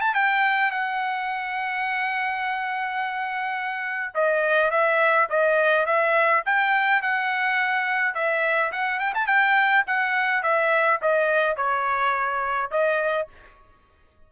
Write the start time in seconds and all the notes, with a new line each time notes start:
0.00 A5
0.14 G5
0.71 F#5
4.14 D#5
4.70 E5
5.29 D#5
5.86 E5
6.45 G5
7.02 F#5
8.14 E5
8.72 F#5
8.99 G5
9.14 A5
9.26 G5
9.86 F#5
10.42 E5
11.01 D#5
11.56 C#5
12.70 D#5